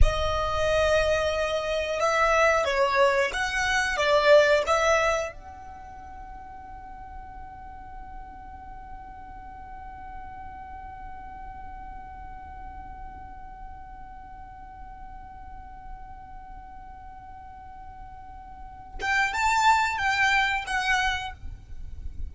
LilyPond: \new Staff \with { instrumentName = "violin" } { \time 4/4 \tempo 4 = 90 dis''2. e''4 | cis''4 fis''4 d''4 e''4 | fis''1~ | fis''1~ |
fis''1~ | fis''1~ | fis''1~ | fis''8 g''8 a''4 g''4 fis''4 | }